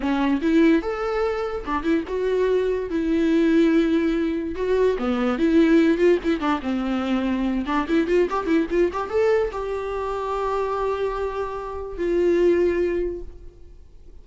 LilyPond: \new Staff \with { instrumentName = "viola" } { \time 4/4 \tempo 4 = 145 cis'4 e'4 a'2 | d'8 e'8 fis'2 e'4~ | e'2. fis'4 | b4 e'4. f'8 e'8 d'8 |
c'2~ c'8 d'8 e'8 f'8 | g'8 e'8 f'8 g'8 a'4 g'4~ | g'1~ | g'4 f'2. | }